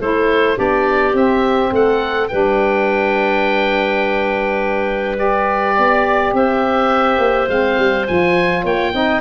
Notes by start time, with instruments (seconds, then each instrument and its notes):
0.00 tuba A3, saxophone E4, clarinet A4, oboe C5
0.55 tuba B3, saxophone D4, clarinet G4, oboe D5
1.13 tuba C4, saxophone C4, oboe E5
1.71 tuba A3, clarinet A4, oboe F#5
2.28 tuba G3, saxophone D4, clarinet B4, oboe G5
5.16 saxophone G4, oboe D5
5.77 tuba B3, clarinet D5
6.33 tuba C4, clarinet C5, oboe E5
7.18 tuba A#3
7.48 tuba G#3, saxophone C4, oboe F5
7.78 tuba G3
8.07 tuba F3, saxophone F4, oboe G#5
8.63 tuba A#3, clarinet C#5, oboe G5
8.93 tuba C4, saxophone D#4, clarinet D#5